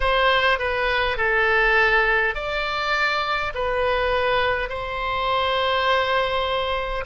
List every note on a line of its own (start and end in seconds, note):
0.00 0.59 C5
0.59 1.17 B4
1.17 2.34 A4
2.35 3.52 D5
3.54 4.68 B4
4.68 7.04 C5